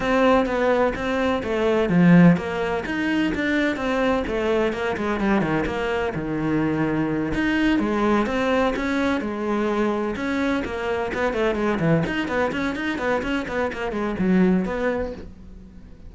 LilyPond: \new Staff \with { instrumentName = "cello" } { \time 4/4 \tempo 4 = 127 c'4 b4 c'4 a4 | f4 ais4 dis'4 d'4 | c'4 a4 ais8 gis8 g8 dis8 | ais4 dis2~ dis8 dis'8~ |
dis'8 gis4 c'4 cis'4 gis8~ | gis4. cis'4 ais4 b8 | a8 gis8 e8 dis'8 b8 cis'8 dis'8 b8 | cis'8 b8 ais8 gis8 fis4 b4 | }